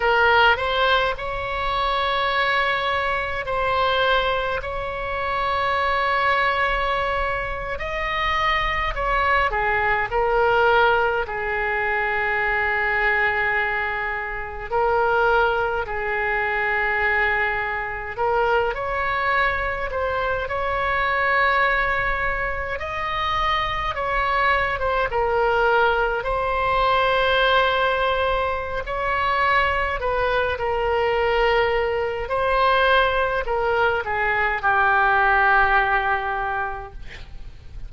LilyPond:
\new Staff \with { instrumentName = "oboe" } { \time 4/4 \tempo 4 = 52 ais'8 c''8 cis''2 c''4 | cis''2~ cis''8. dis''4 cis''16~ | cis''16 gis'8 ais'4 gis'2~ gis'16~ | gis'8. ais'4 gis'2 ais'16~ |
ais'16 cis''4 c''8 cis''2 dis''16~ | dis''8. cis''8. c''16 ais'4 c''4~ c''16~ | c''4 cis''4 b'8 ais'4. | c''4 ais'8 gis'8 g'2 | }